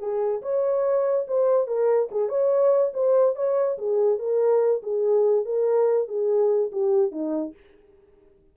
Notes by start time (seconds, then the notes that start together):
0.00 G#4
0.43 C#5
1.28 C5
1.67 A#4
2.12 G#4
2.29 C#5
2.94 C5
3.36 C#5
3.78 G#4
4.19 A#4
4.83 G#4
5.46 A#4
6.08 G#4
6.72 G4
7.12 D#4